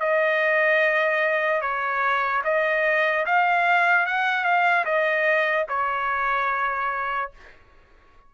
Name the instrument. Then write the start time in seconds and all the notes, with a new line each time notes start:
trumpet
0.00 D#5
1.61 C#5
2.44 D#5
3.26 F5
4.06 F#5
4.44 F5
4.85 D#5
5.69 C#5